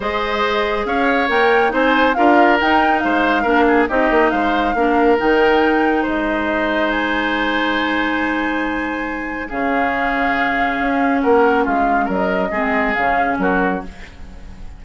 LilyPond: <<
  \new Staff \with { instrumentName = "flute" } { \time 4/4 \tempo 4 = 139 dis''2 f''4 g''4 | gis''4 f''4 g''4 f''4~ | f''4 dis''4 f''2 | g''2 dis''2 |
gis''1~ | gis''2 f''2~ | f''2 fis''4 f''4 | dis''2 f''4 ais'4 | }
  \new Staff \with { instrumentName = "oboe" } { \time 4/4 c''2 cis''2 | c''4 ais'2 c''4 | ais'8 gis'8 g'4 c''4 ais'4~ | ais'2 c''2~ |
c''1~ | c''2 gis'2~ | gis'2 ais'4 f'4 | ais'4 gis'2 fis'4 | }
  \new Staff \with { instrumentName = "clarinet" } { \time 4/4 gis'2. ais'4 | dis'4 f'4 dis'2 | d'4 dis'2 d'4 | dis'1~ |
dis'1~ | dis'2 cis'2~ | cis'1~ | cis'4 c'4 cis'2 | }
  \new Staff \with { instrumentName = "bassoon" } { \time 4/4 gis2 cis'4 ais4 | c'4 d'4 dis'4 gis4 | ais4 c'8 ais8 gis4 ais4 | dis2 gis2~ |
gis1~ | gis2 cis2~ | cis4 cis'4 ais4 gis4 | fis4 gis4 cis4 fis4 | }
>>